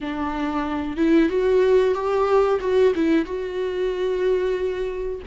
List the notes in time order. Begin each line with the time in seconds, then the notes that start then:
0.00 D4
0.96 E4
1.29 F#4
1.94 G4
2.60 F#4
2.95 E4
3.25 F#4